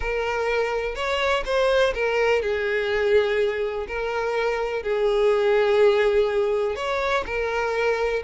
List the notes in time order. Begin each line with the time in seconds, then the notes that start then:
0.00 A#4
0.95 C#5
1.45 C5
1.94 A#4
2.41 G#4
3.87 A#4
4.82 G#4
6.75 C#5
7.26 A#4